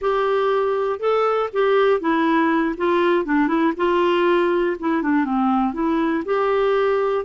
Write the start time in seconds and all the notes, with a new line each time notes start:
0.01 G4
0.99 A4
1.52 G4
2.00 E4
2.77 F4
3.25 D4
3.47 E4
3.76 F4
4.79 E4
5.02 D4
5.25 C4
5.73 E4
6.25 G4